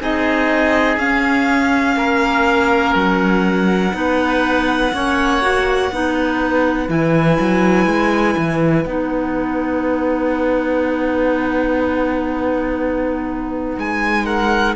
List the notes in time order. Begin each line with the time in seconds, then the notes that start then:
0.00 C4 D#4 G#4 D#5
0.97 C#4 F5
1.96 A#3 A#4
2.94 F#3 F#5
3.93 B3 D#4 B4
4.93 A#3 C#4 C#5
5.41 F#4
5.91 B3 D#4 B4
6.88 E3 E4 G#5
7.40 F#3
7.86 G#3
8.37 E3
8.85 B3 D#4 F#5
13.77 G#3 G#5
14.25 A#4 F#5